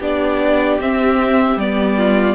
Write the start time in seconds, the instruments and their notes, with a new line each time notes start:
0.00 cello B3, viola D4, violin G4 D5
0.80 cello C4, viola C4, violin E5
1.56 cello G3, viola B3, violin D5
1.98 violin F4